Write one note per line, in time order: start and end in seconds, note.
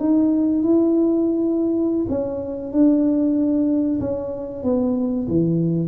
0.00 0.63 D#4
0.63 2.07 E4
2.09 2.73 C#4
2.73 4.00 D4
4.01 4.64 C#4
4.64 5.28 B3
5.28 5.88 E3